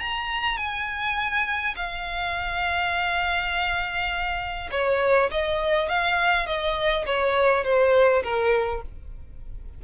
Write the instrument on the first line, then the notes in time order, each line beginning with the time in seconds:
violin
0.00 A#5
0.57 G#5
1.76 F5
4.72 C#5
5.32 D#5
5.89 F5
6.47 D#5
7.06 C#5
7.64 C5
8.24 A#4